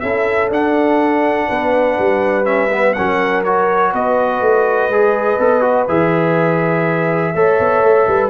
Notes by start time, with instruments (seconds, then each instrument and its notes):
0.00 tuba C#4, trombone E4, horn A4, trumpet E5
0.50 tuba D4, trombone D4, trumpet F#5
1.48 tuba B3, horn B4
1.99 tuba G3
2.45 trombone C#4, trumpet E5
2.71 trombone B3
2.94 tuba F#3, trombone C#4, horn A#4, trumpet F#5
3.44 trombone F#4, trumpet C#5
3.92 tuba B3, horn B4, trumpet D#5
4.41 tuba A3
4.89 tuba G#3, trombone G#4
5.39 tuba B3, trombone A4
5.61 trombone F#4
5.89 tuba E3, trombone G#4, trumpet E5
7.35 tuba A3, trombone A4, horn C#5
7.60 tuba B3
7.83 tuba A3
8.08 tuba G3, horn B4